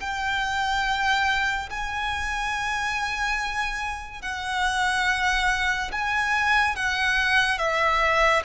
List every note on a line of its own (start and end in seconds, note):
0.00 1.69 G5
1.69 4.21 G#5
4.21 5.90 F#5
5.92 6.76 G#5
6.76 7.57 F#5
7.57 8.42 E5